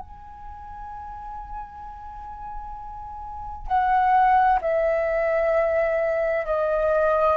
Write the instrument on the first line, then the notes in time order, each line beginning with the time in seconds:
flute
0.00 G#5
3.67 F#5
4.62 E5
6.46 D#5